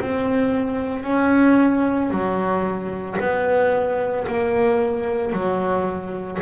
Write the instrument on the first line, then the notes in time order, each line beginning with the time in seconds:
double bass
0.00 C4
1.03 C#4
2.10 F#3
3.19 B3
4.27 A#3
5.32 F#3